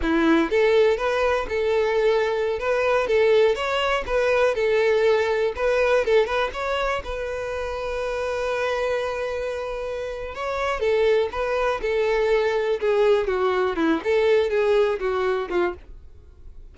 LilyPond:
\new Staff \with { instrumentName = "violin" } { \time 4/4 \tempo 4 = 122 e'4 a'4 b'4 a'4~ | a'4~ a'16 b'4 a'4 cis''8.~ | cis''16 b'4 a'2 b'8.~ | b'16 a'8 b'8 cis''4 b'4.~ b'16~ |
b'1~ | b'4 cis''4 a'4 b'4 | a'2 gis'4 fis'4 | e'8 a'4 gis'4 fis'4 f'8 | }